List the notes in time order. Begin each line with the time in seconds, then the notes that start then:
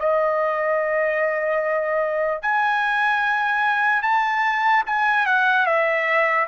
0.00 D#5
2.42 G#5
4.03 A5
4.87 G#5
5.26 F#5
5.66 E5